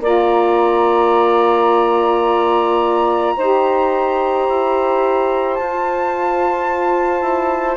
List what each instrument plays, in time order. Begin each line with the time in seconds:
0.00 bassoon A#3, saxophone F4 D5, flute A#5
3.36 bassoon D#4, saxophone G4 C5
4.48 bassoon E4
5.54 bassoon F4, flute A5
5.62 saxophone F4
7.21 bassoon E4